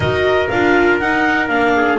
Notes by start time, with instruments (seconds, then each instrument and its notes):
0.00 double bass D#4, viola F#4, trumpet A#4, clarinet D#5
0.48 double bass D4, viola F4, clarinet F5
0.99 double bass D#4, viola D#4, clarinet F#5
1.48 double bass A#3, viola D4, clarinet F5
1.75 trumpet G#4